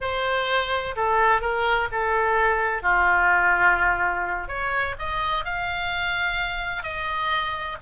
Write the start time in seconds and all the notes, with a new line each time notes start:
0.01 C5
0.96 A4
1.41 A#4
1.91 A4
2.82 F4
4.48 C#5
4.98 D#5
5.44 F5
6.83 D#5